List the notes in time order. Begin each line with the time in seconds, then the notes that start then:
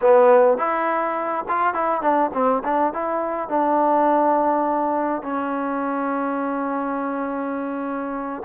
0.01 B3
0.57 E4
1.48 F4
1.74 E4
2.01 D4
2.33 C4
2.64 D4
2.93 E4
3.48 D4
5.22 C#4